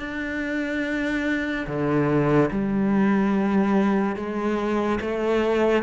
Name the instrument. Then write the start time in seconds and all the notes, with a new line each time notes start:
cello
0.00 D4
1.67 D3
2.51 G3
4.16 G#3
5.01 A3